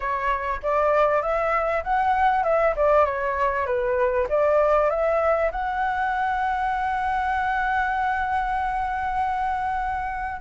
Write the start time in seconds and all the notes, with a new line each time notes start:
0.00 C#5
0.63 D5
1.21 E5
1.83 F#5
2.43 E5
2.76 D5
3.05 C#5
3.66 B4
4.29 D5
4.90 E5
5.51 F#5